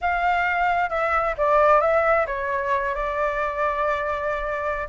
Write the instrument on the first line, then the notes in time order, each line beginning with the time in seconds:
flute
0.01 F5
0.89 E5
1.37 D5
1.80 E5
2.26 C#5
2.94 D5